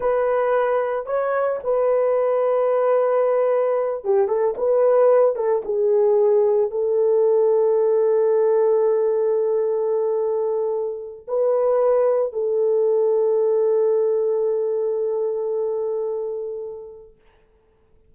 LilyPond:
\new Staff \with { instrumentName = "horn" } { \time 4/4 \tempo 4 = 112 b'2 cis''4 b'4~ | b'2.~ b'8 g'8 | a'8 b'4. a'8 gis'4.~ | gis'8 a'2.~ a'8~ |
a'1~ | a'4 b'2 a'4~ | a'1~ | a'1 | }